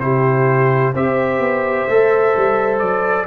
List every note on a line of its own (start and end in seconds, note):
0.00 0.94 C3
0.00 0.95 E4
0.00 0.94 G4
0.00 0.94 C5
0.94 1.38 C4
0.94 1.89 G4
0.94 3.27 C5
0.94 2.79 E5
1.38 1.85 B3
1.88 2.35 A3
1.88 3.27 A4
2.37 2.82 G3
2.79 3.27 F#3
2.79 3.26 D5